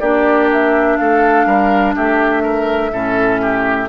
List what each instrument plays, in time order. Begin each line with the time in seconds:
0.00 bassoon A#3, clarinet D4, oboe G4, flute D5
0.53 flute E5
0.97 bassoon A3, oboe A4, flute F5
1.46 bassoon G3, oboe A#4
1.96 bassoon A3, oboe G4, flute E5
2.43 oboe A#4
2.92 bassoon A2, clarinet C#4, oboe A4
3.42 oboe G4